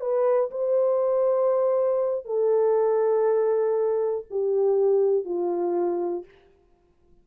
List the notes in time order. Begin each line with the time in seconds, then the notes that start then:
0.00 B4
0.50 C5
2.25 A4
4.30 G4
5.25 F4